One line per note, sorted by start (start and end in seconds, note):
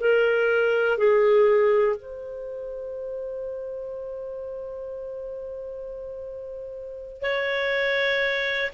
0.00 0.98 A#4
0.98 1.97 G#4
1.97 7.21 C5
7.21 8.71 C#5